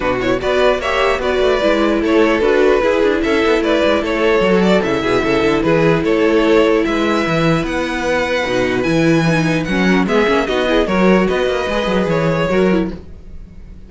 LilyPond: <<
  \new Staff \with { instrumentName = "violin" } { \time 4/4 \tempo 4 = 149 b'8 cis''8 d''4 e''4 d''4~ | d''4 cis''4 b'2 | e''4 d''4 cis''4. d''8 | e''2 b'4 cis''4~ |
cis''4 e''2 fis''4~ | fis''2 gis''2 | fis''4 e''4 dis''4 cis''4 | dis''2 cis''2 | }
  \new Staff \with { instrumentName = "violin" } { \time 4/4 fis'4 b'4 cis''4 b'4~ | b'4 a'2 gis'4 | a'4 b'4 a'2~ | a'8 gis'8 a'4 gis'4 a'4~ |
a'4 b'2.~ | b'1~ | b'8 ais'8 gis'4 fis'8 gis'8 ais'4 | b'2. ais'4 | }
  \new Staff \with { instrumentName = "viola" } { \time 4/4 d'8 e'8 fis'4 g'4 fis'4 | e'2 fis'4 e'4~ | e'2. fis'4 | e'1~ |
e'1~ | e'4 dis'4 e'4 dis'4 | cis'4 b8 cis'8 dis'8 e'8 fis'4~ | fis'4 gis'2 fis'8 e'8 | }
  \new Staff \with { instrumentName = "cello" } { \time 4/4 b,4 b4 ais4 b8 a8 | gis4 a4 d'4 e'8 d'8 | cis'8 b8 a8 gis8 a4 fis4 | cis8 b,8 cis8 d8 e4 a4~ |
a4 gis4 e4 b4~ | b4 b,4 e2 | fis4 gis8 ais8 b4 fis4 | b8 ais8 gis8 fis8 e4 fis4 | }
>>